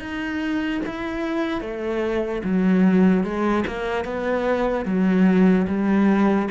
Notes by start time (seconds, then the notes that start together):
0.00 D#4
0.87 E4
1.61 A3
2.44 F#3
3.24 G#3
3.67 A#3
4.05 B3
4.86 F#3
5.68 G3